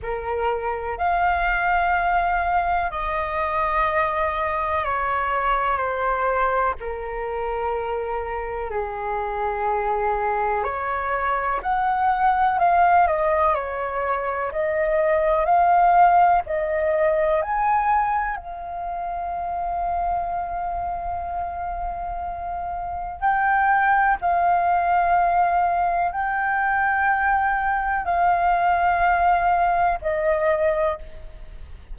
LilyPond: \new Staff \with { instrumentName = "flute" } { \time 4/4 \tempo 4 = 62 ais'4 f''2 dis''4~ | dis''4 cis''4 c''4 ais'4~ | ais'4 gis'2 cis''4 | fis''4 f''8 dis''8 cis''4 dis''4 |
f''4 dis''4 gis''4 f''4~ | f''1 | g''4 f''2 g''4~ | g''4 f''2 dis''4 | }